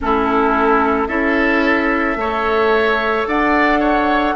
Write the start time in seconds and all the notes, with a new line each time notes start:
0.00 A3 C#4 E4 A4
1.07 C#4 E4 A4 E5
2.15 A3 A4 C#5
3.27 D4 D5 F#5
3.79 C#5